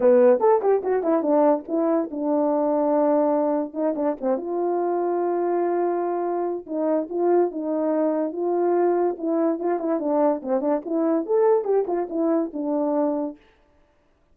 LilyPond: \new Staff \with { instrumentName = "horn" } { \time 4/4 \tempo 4 = 144 b4 a'8 g'8 fis'8 e'8 d'4 | e'4 d'2.~ | d'4 dis'8 d'8 c'8 f'4.~ | f'1 |
dis'4 f'4 dis'2 | f'2 e'4 f'8 e'8 | d'4 c'8 d'8 e'4 a'4 | g'8 f'8 e'4 d'2 | }